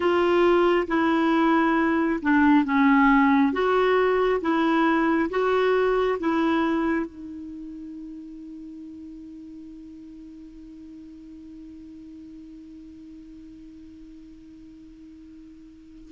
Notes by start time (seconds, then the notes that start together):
0.00 F4
0.87 E4
2.22 D4
2.65 C#4
3.52 F#4
4.41 E4
5.29 F#4
6.19 E4
7.06 D#4